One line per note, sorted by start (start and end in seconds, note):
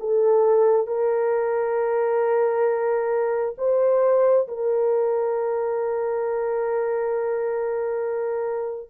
0.00 0.87 A4
0.87 3.56 A#4
3.58 4.48 C5
4.48 8.90 A#4